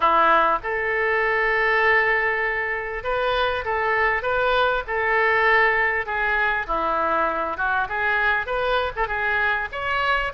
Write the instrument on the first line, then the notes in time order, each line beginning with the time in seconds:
oboe
0.00 E4
0.63 A4
3.03 B4
3.64 A4
4.22 B4
4.87 A4
6.06 G#4
6.66 E4
7.57 F#4
7.88 G#4
8.46 B4
8.96 A4
9.07 G#4
9.72 C#5